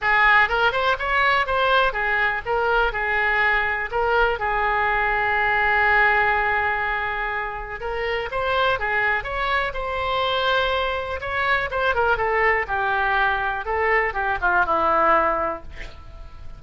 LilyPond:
\new Staff \with { instrumentName = "oboe" } { \time 4/4 \tempo 4 = 123 gis'4 ais'8 c''8 cis''4 c''4 | gis'4 ais'4 gis'2 | ais'4 gis'2.~ | gis'1 |
ais'4 c''4 gis'4 cis''4 | c''2. cis''4 | c''8 ais'8 a'4 g'2 | a'4 g'8 f'8 e'2 | }